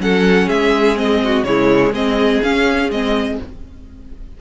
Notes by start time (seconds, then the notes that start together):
0.00 F#3 C#4 A4 F#5
0.47 G#3 G#4 E5
0.96 C4 D#5
1.24 F#4
1.44 C#3 G#3 E4 C#5
1.91 G#3 C4 G#4 D#5
2.42 C#4 F5
2.90 G#3 C4 D#5